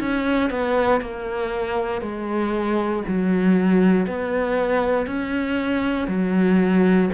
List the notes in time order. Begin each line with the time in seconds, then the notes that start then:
0.00 C#4
0.50 B3
1.01 A#3
2.01 G#3
3.07 F#3
4.06 B3
5.06 C#4
6.07 F#3